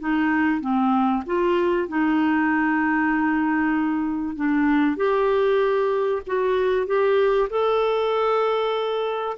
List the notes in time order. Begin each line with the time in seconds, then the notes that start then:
0.00 D#4
0.61 C4
1.26 F4
1.88 D#4
4.36 D4
4.97 G4
6.27 F#4
6.87 G4
7.50 A4